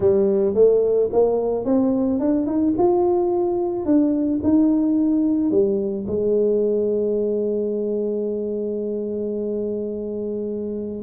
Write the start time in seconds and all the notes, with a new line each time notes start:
0.00 G3
0.54 A3
1.12 A#3
1.64 C4
2.19 D4
2.46 D#4
2.77 F4
3.85 D4
4.43 D#4
5.50 G3
6.07 G#3